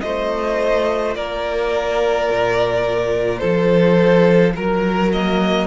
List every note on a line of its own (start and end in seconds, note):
0.00 1.15 A3
0.00 5.11 F4
0.00 1.16 C5
0.00 1.13 D#5
1.15 2.29 A#3
1.15 3.40 A#4
1.15 3.38 D5
2.29 3.42 A#2
3.38 4.55 F3
3.38 4.53 A4
3.38 4.51 C5
4.55 5.67 F#3
4.55 5.12 A#4
4.55 5.67 A#4
5.12 5.67 A#3
5.12 5.67 D#5